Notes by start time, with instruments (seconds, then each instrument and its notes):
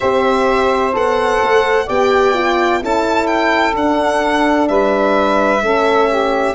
0.00 tuba C4, horn G4, saxophone C5, violin E5
0.93 tuba B3, horn A4, violin F#5
1.42 tuba A3
1.86 tuba B3, horn G4, saxophone D5, violin G5
2.34 horn F4
2.79 tuba C#4, horn E4, saxophone A4, violin A5
3.27 violin G5
3.74 horn D4, tuba D4, violin F#5
4.68 tuba G3, saxophone B4, violin E5
5.62 tuba A3, horn C#4, saxophone A4
6.08 saxophone G4